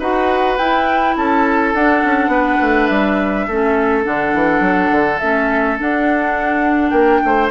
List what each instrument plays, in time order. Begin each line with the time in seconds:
0.00 bassoon D#4, clarinet F#4, oboe B4, flute F#5
0.58 bassoon E4, clarinet E4, flute G5
1.17 bassoon C#4, oboe A4, flute A5
1.74 bassoon D4, clarinet D4, flute F#5
2.05 bassoon C#4
2.28 bassoon B3, oboe B4
2.61 bassoon A3
2.87 bassoon G3, flute E5
3.48 bassoon A3, clarinet C#4, oboe A4
4.04 bassoon D3, clarinet D4, flute F#5
4.34 bassoon E3
4.60 bassoon F#3
4.92 bassoon D3
5.19 bassoon A3, clarinet C#4, flute E5
5.79 clarinet D4, bassoon D4, flute F#5
6.90 bassoon A#3, oboe A#4, flute G5
7.25 bassoon A3, oboe C5